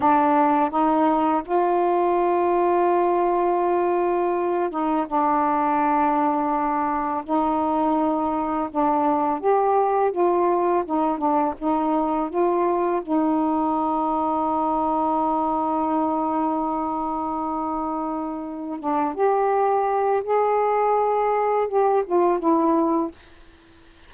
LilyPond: \new Staff \with { instrumentName = "saxophone" } { \time 4/4 \tempo 4 = 83 d'4 dis'4 f'2~ | f'2~ f'8 dis'8 d'4~ | d'2 dis'2 | d'4 g'4 f'4 dis'8 d'8 |
dis'4 f'4 dis'2~ | dis'1~ | dis'2 d'8 g'4. | gis'2 g'8 f'8 e'4 | }